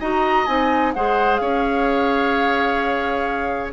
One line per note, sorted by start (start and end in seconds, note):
0.00 0.47 D#4
0.00 0.47 F#4
0.00 0.93 D#5
0.00 0.46 A#5
0.46 0.94 C4
0.46 0.94 D#4
0.46 0.92 G#5
0.94 1.40 G#3
0.94 3.73 G#4
0.94 1.41 C5
0.94 1.36 F#5
1.36 3.73 C#4
1.36 3.73 C#5
1.36 3.69 F5